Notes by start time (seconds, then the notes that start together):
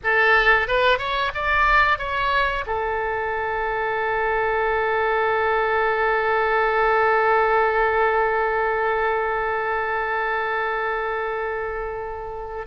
0.03 A4
0.67 B4
0.98 C#5
1.34 D5
1.98 C#5
2.66 A4